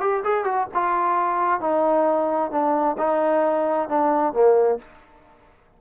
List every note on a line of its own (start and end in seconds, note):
0.00 0.23 G4
0.24 0.44 G#4
0.44 0.67 F#4
0.74 1.60 F4
1.60 2.51 D#4
2.51 2.96 D4
2.98 3.88 D#4
3.88 4.33 D4
4.33 4.78 A#3